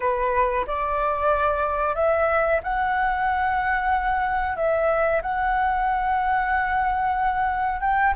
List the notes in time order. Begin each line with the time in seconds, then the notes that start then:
0.00 B4
0.66 D5
1.95 E5
2.63 F#5
4.56 E5
5.22 F#5
7.81 G5